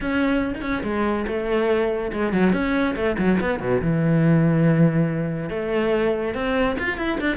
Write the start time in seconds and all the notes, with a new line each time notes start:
0.00 C#4
0.54 D#4
0.61 C#4
0.83 G#3
1.27 A3
2.12 G#3
2.32 F#3
2.52 C#4
2.95 A3
3.18 F#3
3.40 B3
3.60 B2
3.81 E3
5.49 A3
6.34 C4
6.78 F4
6.97 E4
7.20 D4